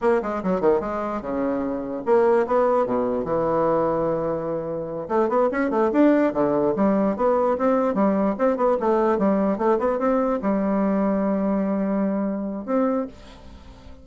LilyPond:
\new Staff \with { instrumentName = "bassoon" } { \time 4/4 \tempo 4 = 147 ais8 gis8 fis8 dis8 gis4 cis4~ | cis4 ais4 b4 b,4 | e1~ | e8 a8 b8 cis'8 a8 d'4 d8~ |
d8 g4 b4 c'4 g8~ | g8 c'8 b8 a4 g4 a8 | b8 c'4 g2~ g8~ | g2. c'4 | }